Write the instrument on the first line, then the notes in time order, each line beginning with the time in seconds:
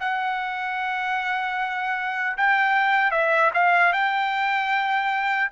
trumpet
0.00 F#5
2.37 G5
3.11 E5
3.54 F5
3.93 G5